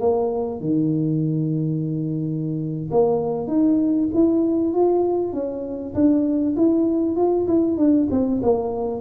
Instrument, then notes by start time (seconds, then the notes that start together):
tuba
0.00 A#3
0.61 D#3
2.91 A#3
3.48 D#4
4.14 E4
4.74 F4
5.33 C#4
5.95 D4
6.57 E4
7.17 F4
7.48 E4
7.78 D4
8.11 C4
8.43 A#3